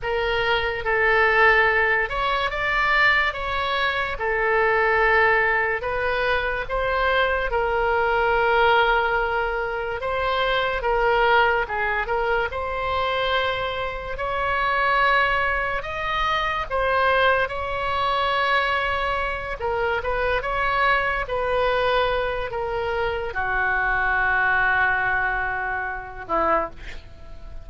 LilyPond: \new Staff \with { instrumentName = "oboe" } { \time 4/4 \tempo 4 = 72 ais'4 a'4. cis''8 d''4 | cis''4 a'2 b'4 | c''4 ais'2. | c''4 ais'4 gis'8 ais'8 c''4~ |
c''4 cis''2 dis''4 | c''4 cis''2~ cis''8 ais'8 | b'8 cis''4 b'4. ais'4 | fis'2.~ fis'8 e'8 | }